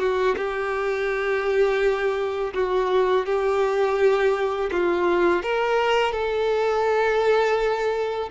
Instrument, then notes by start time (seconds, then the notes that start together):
violin
0.00 F#4
0.37 G4
2.54 F#4
3.26 G4
4.72 F4
5.43 A#4
6.13 A4